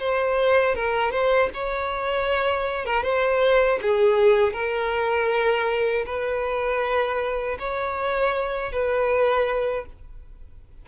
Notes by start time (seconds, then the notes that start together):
0.00 C5
0.76 A#4
1.12 C5
1.54 C#5
2.86 A#4
3.04 C5
3.83 G#4
4.54 A#4
6.06 B4
7.60 C#5
8.72 B4